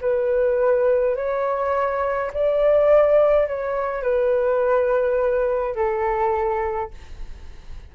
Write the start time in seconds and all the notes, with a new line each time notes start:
0.00 B4
1.15 C#5
2.33 D5
3.47 C#5
4.02 B4
5.75 A4